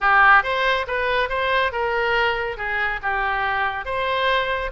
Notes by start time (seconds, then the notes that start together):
0.01 G4
0.43 C5
0.87 B4
1.29 C5
1.71 A#4
2.57 G#4
3.02 G4
3.85 C5